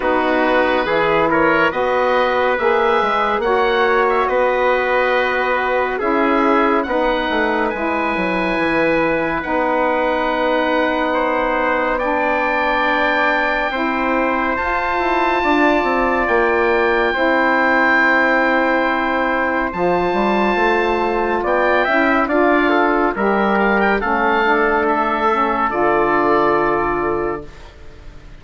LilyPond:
<<
  \new Staff \with { instrumentName = "oboe" } { \time 4/4 \tempo 4 = 70 b'4. cis''8 dis''4 e''4 | fis''8. e''16 dis''2 e''4 | fis''4 gis''2 fis''4~ | fis''2 g''2~ |
g''4 a''2 g''4~ | g''2. a''4~ | a''4 g''4 f''4 e''8 f''16 g''16 | f''4 e''4 d''2 | }
  \new Staff \with { instrumentName = "trumpet" } { \time 4/4 fis'4 gis'8 ais'8 b'2 | cis''4 b'2 gis'4 | b'1~ | b'4 c''4 d''2 |
c''2 d''2 | c''1~ | c''4 d''8 e''8 d''8 a'8 ais'4 | a'1 | }
  \new Staff \with { instrumentName = "saxophone" } { \time 4/4 dis'4 e'4 fis'4 gis'4 | fis'2. e'4 | dis'4 e'2 dis'4~ | dis'2 d'2 |
e'4 f'2. | e'2. f'4~ | f'4. e'8 f'4 g'4 | cis'8 d'4 cis'8 f'2 | }
  \new Staff \with { instrumentName = "bassoon" } { \time 4/4 b4 e4 b4 ais8 gis8 | ais4 b2 cis'4 | b8 a8 gis8 fis8 e4 b4~ | b1 |
c'4 f'8 e'8 d'8 c'8 ais4 | c'2. f8 g8 | a4 b8 cis'8 d'4 g4 | a2 d2 | }
>>